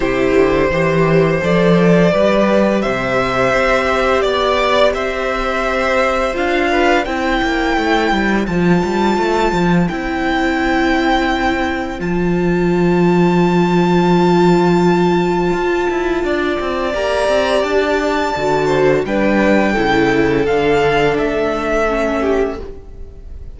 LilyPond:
<<
  \new Staff \with { instrumentName = "violin" } { \time 4/4 \tempo 4 = 85 c''2 d''2 | e''2 d''4 e''4~ | e''4 f''4 g''2 | a''2 g''2~ |
g''4 a''2.~ | a''1 | ais''4 a''2 g''4~ | g''4 f''4 e''2 | }
  \new Staff \with { instrumentName = "violin" } { \time 4/4 g'4 c''2 b'4 | c''2 d''4 c''4~ | c''4. b'8 c''2~ | c''1~ |
c''1~ | c''2. d''4~ | d''2~ d''8 c''8 b'4 | a'2.~ a'8 g'8 | }
  \new Staff \with { instrumentName = "viola" } { \time 4/4 e'4 g'4 a'4 g'4~ | g'1~ | g'4 f'4 e'2 | f'2 e'2~ |
e'4 f'2.~ | f'1 | g'2 fis'4 d'4 | e'4 d'2 cis'4 | }
  \new Staff \with { instrumentName = "cello" } { \time 4/4 c8 d8 e4 f4 g4 | c4 c'4 b4 c'4~ | c'4 d'4 c'8 ais8 a8 g8 | f8 g8 a8 f8 c'2~ |
c'4 f2.~ | f2 f'8 e'8 d'8 c'8 | ais8 c'8 d'4 d4 g4 | cis4 d4 a2 | }
>>